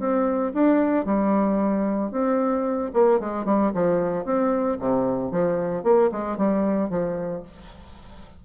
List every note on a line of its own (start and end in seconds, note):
0.00 0.53 C4
0.54 1.06 D4
1.06 2.12 G3
2.12 2.91 C4
2.94 3.21 A#3
3.21 3.46 G#3
3.46 3.72 G3
3.75 4.26 F3
4.26 4.79 C4
4.80 5.32 C3
5.32 5.84 F3
5.84 6.11 A#3
6.12 6.38 G#3
6.38 6.90 G3
6.90 7.43 F3